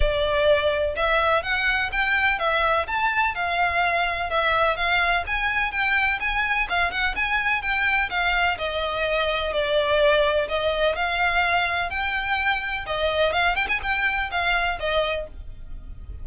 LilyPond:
\new Staff \with { instrumentName = "violin" } { \time 4/4 \tempo 4 = 126 d''2 e''4 fis''4 | g''4 e''4 a''4 f''4~ | f''4 e''4 f''4 gis''4 | g''4 gis''4 f''8 fis''8 gis''4 |
g''4 f''4 dis''2 | d''2 dis''4 f''4~ | f''4 g''2 dis''4 | f''8 g''16 gis''16 g''4 f''4 dis''4 | }